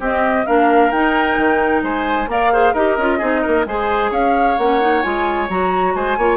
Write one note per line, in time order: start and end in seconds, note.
0.00 0.46 C4
0.00 0.47 C4
0.00 0.46 G4
0.00 0.47 D#5
0.47 0.92 A#3
0.47 0.93 D4
0.47 1.84 A#4
0.47 0.92 F5
0.92 1.38 D#4
0.92 2.28 D#4
0.92 1.84 G5
1.38 1.83 D#3
1.83 2.28 G#3
1.83 2.30 C5
1.83 2.30 G#5
2.28 2.73 A#3
2.28 2.51 A#4
2.28 2.53 D5
2.28 2.74 F5
2.53 2.76 G#4
2.53 2.74 C5
2.74 2.98 D#4
2.74 2.99 G4
2.74 3.19 A#4
2.74 3.66 D#5
2.98 3.21 C#4
2.98 3.21 F4
3.19 3.45 C4
3.19 3.66 D#4
3.19 3.42 G#4
3.43 3.66 A#3
3.43 3.66 A#4
3.66 4.12 G#3
3.66 4.59 G#4
3.66 4.11 C5
3.66 4.12 G#5
4.11 4.57 C#4
4.11 5.95 C#5
4.11 4.58 F5
4.58 5.04 A#3
4.58 4.81 C#4
4.58 5.02 F#5
4.81 5.03 D#4
5.02 5.50 G#3
5.02 5.49 F4
5.02 5.48 G#5
5.50 5.95 F#3
5.50 6.19 F#4
5.50 5.96 A#5
5.95 6.18 G#3
5.95 6.18 C5
5.95 6.37 G#5
6.18 6.37 A#3
6.18 6.37 F4
6.18 6.37 C#5